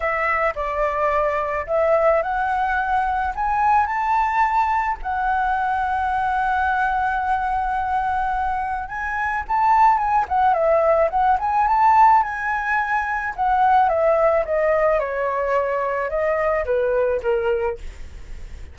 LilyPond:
\new Staff \with { instrumentName = "flute" } { \time 4/4 \tempo 4 = 108 e''4 d''2 e''4 | fis''2 gis''4 a''4~ | a''4 fis''2.~ | fis''1 |
gis''4 a''4 gis''8 fis''8 e''4 | fis''8 gis''8 a''4 gis''2 | fis''4 e''4 dis''4 cis''4~ | cis''4 dis''4 b'4 ais'4 | }